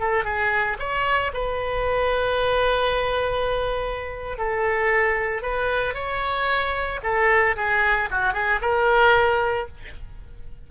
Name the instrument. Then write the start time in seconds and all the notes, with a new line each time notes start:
oboe
0.00 A4
0.25 G#4
0.79 C#5
1.34 B4
4.38 A4
5.43 B4
5.94 C#5
7.03 A4
7.56 G#4
8.11 F#4
8.33 G#4
8.61 A#4